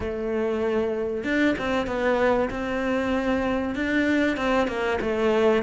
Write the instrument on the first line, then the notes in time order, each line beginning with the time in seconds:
cello
0.00 A3
1.24 D4
1.58 C4
1.86 B3
2.50 C4
3.75 D4
4.37 C4
4.67 A#3
5.01 A3